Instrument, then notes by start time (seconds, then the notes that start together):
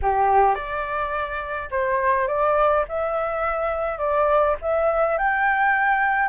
flute
0.02 G4
0.54 D5
1.71 C5
2.27 D5
2.88 E5
3.98 D5
4.61 E5
5.17 G5